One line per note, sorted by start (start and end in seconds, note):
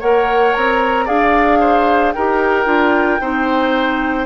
0.00 0.55 A#3
0.00 1.07 A#4
0.00 1.05 C#5
0.00 0.54 F#5
0.54 1.09 C4
0.54 1.07 A#5
1.05 2.16 D4
1.05 2.14 G#4
1.05 1.59 D5
1.05 2.12 F5
1.60 2.14 C5
2.12 2.66 D#4
2.12 2.66 G4
2.12 3.21 A#4
2.12 4.27 G5
2.66 3.20 D4
2.66 3.20 F4
3.21 4.27 C4
3.21 4.27 D#4
3.21 4.27 C5